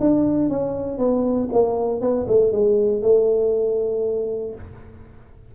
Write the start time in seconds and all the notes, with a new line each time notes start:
0.00 D4
0.49 C#4
0.98 B3
1.52 A#3
2.01 B3
2.27 A3
2.52 G#3
3.02 A3